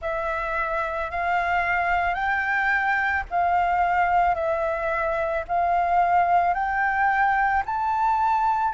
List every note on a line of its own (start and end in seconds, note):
0.01 1.10 E5
1.10 2.14 F5
2.14 3.23 G5
3.30 4.34 F5
4.34 5.43 E5
5.47 6.54 F5
6.54 7.63 G5
7.65 8.74 A5